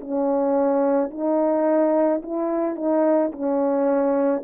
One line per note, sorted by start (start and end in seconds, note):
0.00 1.10 C#4
1.10 2.21 D#4
2.22 2.75 E4
2.75 3.31 D#4
3.32 4.43 C#4